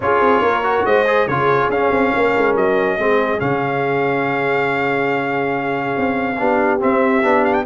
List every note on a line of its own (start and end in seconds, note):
0.00 0.20 C#4
0.00 0.63 F4
0.00 0.42 G#4
0.00 0.85 C#5
0.20 0.41 C4
0.41 0.84 A#3
0.41 0.85 A#4
0.63 1.05 F#4
0.85 1.27 G#3
0.85 1.28 C5
0.85 1.27 D#5
1.06 1.28 G#4
1.27 1.68 C#3
1.27 1.71 F4
1.27 2.13 G#4
1.27 1.70 C#5
1.68 1.90 C#4
1.68 2.99 C#4
1.68 2.56 F5
1.90 2.12 C4
2.13 2.35 A#3
2.13 2.97 A#4
2.36 2.55 G#3
2.55 2.97 F#3
2.55 3.40 D#5
2.97 3.40 G#3
2.97 3.38 C4
2.97 6.37 G#4
3.38 5.96 C#3
3.38 6.36 C#4
3.38 6.80 F5
5.97 6.39 C4
6.38 6.82 B3
6.38 6.79 D4
6.38 7.66 G4
6.79 7.22 C4
6.79 7.23 C4
6.79 7.44 E5
7.22 7.66 B3
7.22 7.65 D4
7.44 7.53 F5
7.53 7.64 G5